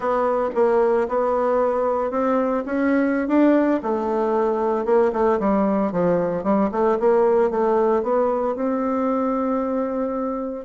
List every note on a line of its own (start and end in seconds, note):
0.00 0.49 B3
0.55 1.07 A#3
1.08 2.11 B3
2.11 2.63 C4
2.65 3.28 C#4
3.28 3.80 D4
3.82 4.85 A3
4.85 5.11 A#3
5.12 5.39 A3
5.39 5.92 G3
5.92 6.43 F3
6.43 6.69 G3
6.71 6.97 A3
6.99 7.50 A#3
7.50 8.03 A3
8.03 8.55 B3
8.55 10.65 C4